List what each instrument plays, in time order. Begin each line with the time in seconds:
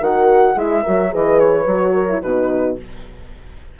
0.00 bassoon D#3, horn F#4 A#4, flute F#5
0.54 bassoon G#3, horn E4 G#4, flute E5
0.83 bassoon F#3, horn F#4 A#4
1.10 bassoon E3, horn G#4 B4, flute D#5
1.39 flute C#5
1.66 bassoon F#3, horn F#4
1.93 horn A#4
2.08 horn E4
2.21 bassoon B2, horn D#4 F#4, flute B4